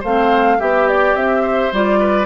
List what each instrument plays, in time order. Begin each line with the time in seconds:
0.00 bassoon A3, clarinet C4, oboe C5, flute F5
0.59 bassoon B3, oboe G4, clarinet G4, flute E5
0.88 flute D5
1.15 bassoon C4, flute E5
1.42 oboe C5
1.72 bassoon G3, clarinet F4, flute D5
1.99 oboe B4